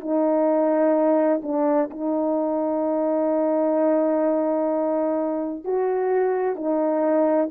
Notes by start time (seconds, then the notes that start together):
0.00 D#4
1.42 D4
1.90 D#4
5.64 F#4
6.55 D#4